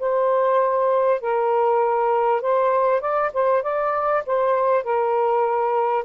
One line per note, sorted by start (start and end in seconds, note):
0.00 1.21 C5
1.21 2.42 A#4
2.42 3.01 C5
3.01 3.31 D5
3.34 3.63 C5
3.63 4.24 D5
4.27 4.84 C5
4.84 6.05 A#4